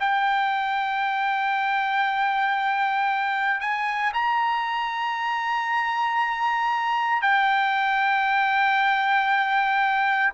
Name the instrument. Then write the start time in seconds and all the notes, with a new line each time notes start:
trumpet
0.00 G5
3.61 G#5
4.14 A#5
7.22 G5